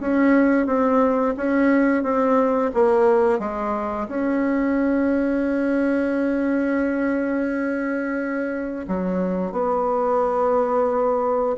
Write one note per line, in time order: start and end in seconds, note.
0.00 0.66 C#4
0.66 1.35 C4
1.37 2.03 C#4
2.03 2.71 C4
2.74 3.39 A#3
3.39 4.07 G#3
4.08 8.86 C#4
8.88 9.52 F#3
9.52 11.56 B3